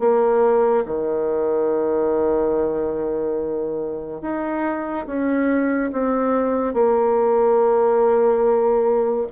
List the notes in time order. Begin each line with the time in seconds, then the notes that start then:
0.00 A#3
0.86 D#3
4.22 D#4
5.07 C#4
5.93 C4
6.74 A#3